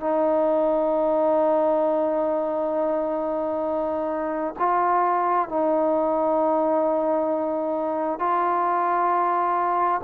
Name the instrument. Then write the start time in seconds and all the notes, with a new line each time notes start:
trombone
0.00 D#4
4.59 F4
5.49 D#4
8.19 F4